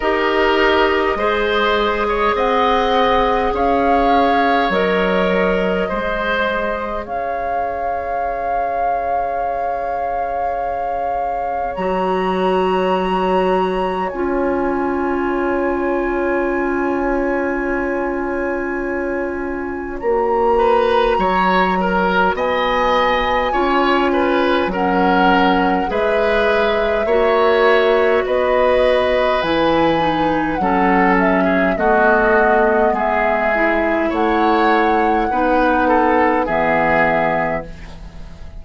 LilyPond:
<<
  \new Staff \with { instrumentName = "flute" } { \time 4/4 \tempo 4 = 51 dis''2 fis''4 f''4 | dis''2 f''2~ | f''2 ais''2 | gis''1~ |
gis''4 ais''2 gis''4~ | gis''4 fis''4 e''2 | dis''4 gis''4 fis''8 e''8 dis''4 | e''4 fis''2 e''4 | }
  \new Staff \with { instrumentName = "oboe" } { \time 4/4 ais'4 c''8. cis''16 dis''4 cis''4~ | cis''4 c''4 cis''2~ | cis''1~ | cis''1~ |
cis''4. b'8 cis''8 ais'8 dis''4 | cis''8 b'8 ais'4 b'4 cis''4 | b'2 a'8. gis'16 fis'4 | gis'4 cis''4 b'8 a'8 gis'4 | }
  \new Staff \with { instrumentName = "clarinet" } { \time 4/4 g'4 gis'2. | ais'4 gis'2.~ | gis'2 fis'2 | f'1~ |
f'4 fis'2. | f'4 cis'4 gis'4 fis'4~ | fis'4 e'8 dis'8 cis'4 b4~ | b8 e'4. dis'4 b4 | }
  \new Staff \with { instrumentName = "bassoon" } { \time 4/4 dis'4 gis4 c'4 cis'4 | fis4 gis4 cis'2~ | cis'2 fis2 | cis'1~ |
cis'4 ais4 fis4 b4 | cis'4 fis4 gis4 ais4 | b4 e4 fis4 a4 | gis4 a4 b4 e4 | }
>>